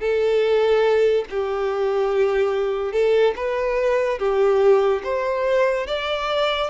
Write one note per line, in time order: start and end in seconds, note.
0.00 1.25 A4
1.30 2.92 G4
2.92 3.34 A4
3.36 4.19 B4
4.19 5.02 G4
5.03 5.87 C5
5.87 6.70 D5